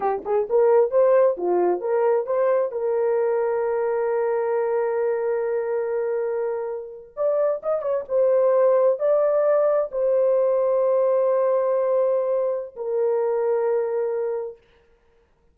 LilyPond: \new Staff \with { instrumentName = "horn" } { \time 4/4 \tempo 4 = 132 g'8 gis'8 ais'4 c''4 f'4 | ais'4 c''4 ais'2~ | ais'1~ | ais'2.~ ais'8. d''16~ |
d''8. dis''8 cis''8 c''2 d''16~ | d''4.~ d''16 c''2~ c''16~ | c''1 | ais'1 | }